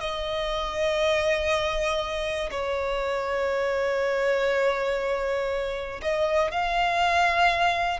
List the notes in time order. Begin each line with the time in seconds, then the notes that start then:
0.00 D#5
2.50 C#5
6.01 D#5
6.51 F5